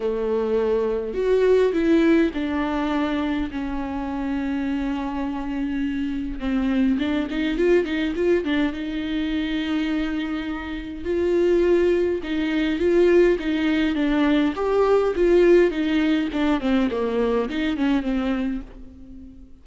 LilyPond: \new Staff \with { instrumentName = "viola" } { \time 4/4 \tempo 4 = 103 a2 fis'4 e'4 | d'2 cis'2~ | cis'2. c'4 | d'8 dis'8 f'8 dis'8 f'8 d'8 dis'4~ |
dis'2. f'4~ | f'4 dis'4 f'4 dis'4 | d'4 g'4 f'4 dis'4 | d'8 c'8 ais4 dis'8 cis'8 c'4 | }